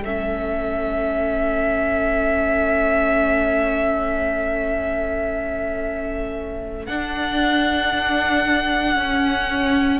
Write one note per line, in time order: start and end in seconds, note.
0.00 6.87 A3
0.00 10.00 A4
0.00 6.86 E5
0.06 6.88 C#4
6.86 8.98 D4
6.86 8.95 D4
6.86 10.00 F#5
8.95 10.00 C#4